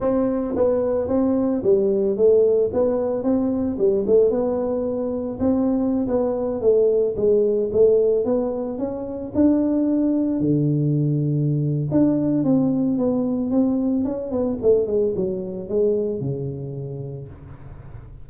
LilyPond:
\new Staff \with { instrumentName = "tuba" } { \time 4/4 \tempo 4 = 111 c'4 b4 c'4 g4 | a4 b4 c'4 g8 a8 | b2 c'4~ c'16 b8.~ | b16 a4 gis4 a4 b8.~ |
b16 cis'4 d'2 d8.~ | d2 d'4 c'4 | b4 c'4 cis'8 b8 a8 gis8 | fis4 gis4 cis2 | }